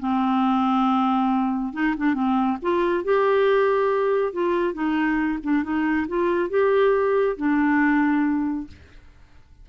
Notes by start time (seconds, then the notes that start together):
0.00 C4
1.74 D#4
1.97 D4
2.14 C4
2.62 F4
3.04 G4
4.33 F4
4.74 D#4
5.43 D4
5.64 D#4
6.08 F4
6.50 G4
7.37 D4